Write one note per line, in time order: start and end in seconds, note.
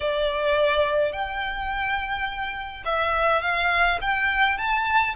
0.00 1.12 D5
1.12 2.83 G5
2.85 3.41 E5
3.41 3.98 F5
4.01 4.57 G5
4.57 5.15 A5